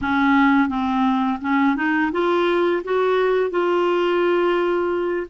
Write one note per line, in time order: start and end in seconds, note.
0.01 0.68 C#4
0.68 1.39 C4
1.41 1.76 C#4
1.76 2.11 D#4
2.12 2.82 F4
2.84 3.50 F#4
3.50 5.26 F4